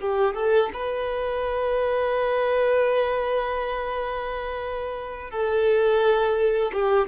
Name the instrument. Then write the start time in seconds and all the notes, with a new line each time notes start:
violin
0.00 G4
0.35 A4
0.74 B4
5.31 A4
6.73 G4